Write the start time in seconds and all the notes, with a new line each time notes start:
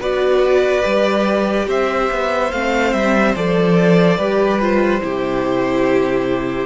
0.00 B3 F#4 B4 D5
0.83 G3 G4
1.68 C4 C5 E5
2.11 B3
2.52 A3 C4 F5
2.93 G3 E5
3.36 F3 A4 D5
4.18 G3 G4 B4
4.61 F4 C5
5.01 C3 E4 G4